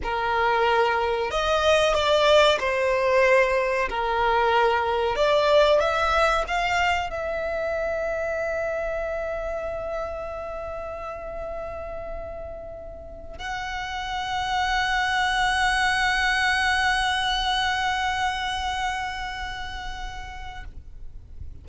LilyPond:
\new Staff \with { instrumentName = "violin" } { \time 4/4 \tempo 4 = 93 ais'2 dis''4 d''4 | c''2 ais'2 | d''4 e''4 f''4 e''4~ | e''1~ |
e''1~ | e''8. fis''2.~ fis''16~ | fis''1~ | fis''1 | }